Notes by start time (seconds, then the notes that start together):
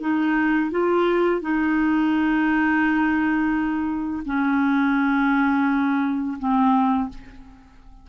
0.00 D#4
0.70 F4
1.41 D#4
4.25 C#4
6.38 C4